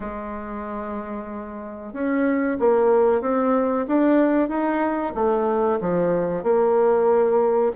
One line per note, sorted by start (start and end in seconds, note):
0.00 1.93 G#3
1.93 2.57 C#4
2.59 3.21 A#3
3.21 3.85 C4
3.87 4.48 D4
4.48 5.13 D#4
5.14 5.79 A3
5.80 6.43 F3
6.43 7.72 A#3